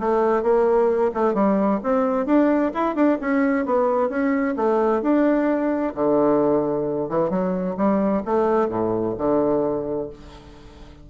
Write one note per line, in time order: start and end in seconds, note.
0.00 0.43 A3
0.43 1.12 A#3
1.15 1.35 A3
1.35 1.80 G3
1.84 2.27 C4
2.27 2.73 D4
2.74 2.96 E4
2.96 3.19 D4
3.21 3.66 C#4
3.66 4.10 B3
4.10 4.55 C#4
4.57 5.02 A3
5.02 5.94 D4
5.95 7.10 D3
7.10 7.30 E3
7.30 7.76 F#3
7.78 8.23 G3
8.26 8.69 A3
8.69 9.15 A2
9.19 10.10 D3